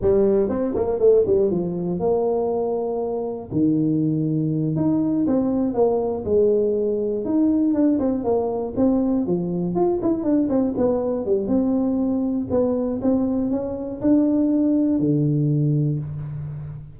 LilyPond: \new Staff \with { instrumentName = "tuba" } { \time 4/4 \tempo 4 = 120 g4 c'8 ais8 a8 g8 f4 | ais2. dis4~ | dis4. dis'4 c'4 ais8~ | ais8 gis2 dis'4 d'8 |
c'8 ais4 c'4 f4 f'8 | e'8 d'8 c'8 b4 g8 c'4~ | c'4 b4 c'4 cis'4 | d'2 d2 | }